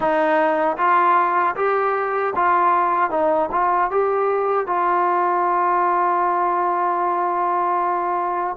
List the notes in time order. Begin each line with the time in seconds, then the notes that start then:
0.00 D#4
0.77 F4
1.55 G4
2.35 F4
3.10 D#4
3.51 F4
3.90 G4
4.66 F4